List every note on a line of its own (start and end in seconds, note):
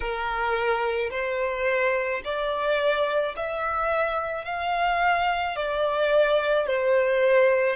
0.00 1.10 A#4
1.10 2.21 C5
2.24 3.35 D5
3.36 4.44 E5
4.44 5.56 F5
5.56 6.66 D5
6.66 7.76 C5